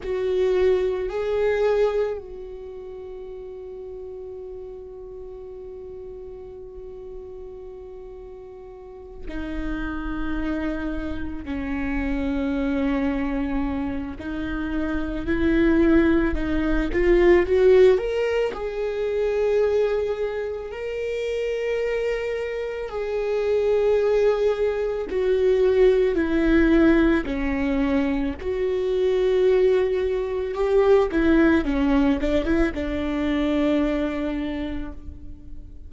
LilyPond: \new Staff \with { instrumentName = "viola" } { \time 4/4 \tempo 4 = 55 fis'4 gis'4 fis'2~ | fis'1~ | fis'8 dis'2 cis'4.~ | cis'4 dis'4 e'4 dis'8 f'8 |
fis'8 ais'8 gis'2 ais'4~ | ais'4 gis'2 fis'4 | e'4 cis'4 fis'2 | g'8 e'8 cis'8 d'16 e'16 d'2 | }